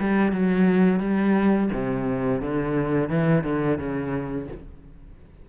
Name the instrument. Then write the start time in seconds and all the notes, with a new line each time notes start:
cello
0.00 G3
0.32 F#3
1.00 G3
1.74 C3
2.42 D3
3.10 E3
3.44 D3
3.79 C#3